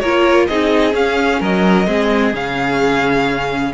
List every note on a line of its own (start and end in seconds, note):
0.00 0.49 A#3
0.00 0.50 F4
0.00 0.48 A#4
0.00 0.47 C#5
0.48 0.94 C4
0.48 0.92 D#4
0.48 1.41 G#4
0.48 0.94 D#5
0.92 1.85 C#4
0.92 1.41 C#4
0.92 1.42 F5
1.41 1.87 F#3
1.41 1.87 A#4
1.41 2.35 D#5
1.87 2.34 G#3
1.87 2.33 C4
1.87 3.73 G#4
2.34 3.73 C#3
2.34 3.74 C#4
2.34 3.74 F5